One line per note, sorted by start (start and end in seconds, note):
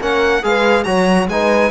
0.00 0.43 A#3
0.00 0.42 C#4
0.00 0.43 A#4
0.00 0.44 F#5
0.42 0.86 G#3
0.42 0.85 G#4
0.42 0.85 B4
0.42 0.83 F5
0.83 1.27 F#3
0.83 1.28 F#4
0.83 1.28 C#5
0.83 1.26 A#5
1.27 1.70 G#3
1.27 1.70 D#4
1.27 1.70 B4
1.27 1.70 G#5